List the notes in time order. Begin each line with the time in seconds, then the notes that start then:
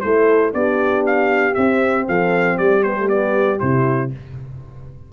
0.00 A3 E4 A4 C5
0.52 B3 D4 G4 D5
1.06 F5
1.54 C4 E5
2.07 F3 A4 F5
2.58 G3 G4 D5
2.83 B3 C5
2.98 A3
3.07 B3 D5
3.59 C3 E4 C5